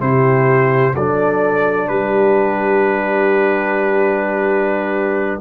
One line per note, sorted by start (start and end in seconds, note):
0.00 0.94 C3
0.00 0.94 E4
0.00 0.93 G4
0.00 0.95 C5
0.93 1.88 F#3
0.93 5.41 D4
0.93 1.87 A4
0.93 1.88 D5
1.88 5.40 G3
1.88 5.41 G4
1.88 5.40 B4